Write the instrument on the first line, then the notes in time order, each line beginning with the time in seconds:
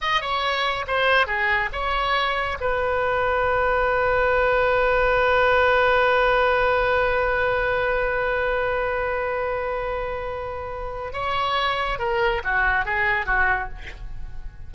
oboe
0.01 D#5
0.21 C#5
0.87 C5
1.26 G#4
1.72 C#5
2.60 B4
11.13 C#5
11.99 A#4
12.43 F#4
12.85 G#4
13.25 F#4